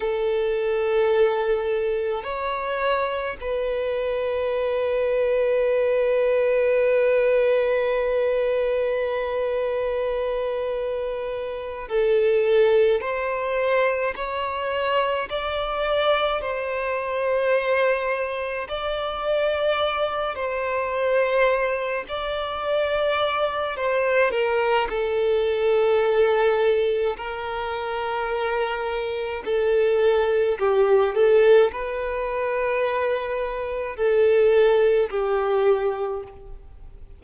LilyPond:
\new Staff \with { instrumentName = "violin" } { \time 4/4 \tempo 4 = 53 a'2 cis''4 b'4~ | b'1~ | b'2~ b'8 a'4 c''8~ | c''8 cis''4 d''4 c''4.~ |
c''8 d''4. c''4. d''8~ | d''4 c''8 ais'8 a'2 | ais'2 a'4 g'8 a'8 | b'2 a'4 g'4 | }